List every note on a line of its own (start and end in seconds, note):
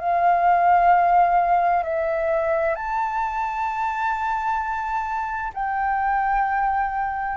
0.00 1.84 F5
1.84 2.75 E5
2.75 5.52 A5
5.54 7.38 G5